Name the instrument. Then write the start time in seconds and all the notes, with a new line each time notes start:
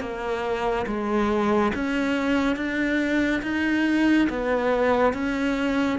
cello
0.00 A#3
0.86 G#3
1.75 C#4
2.56 D4
3.42 D#4
4.29 B3
5.14 C#4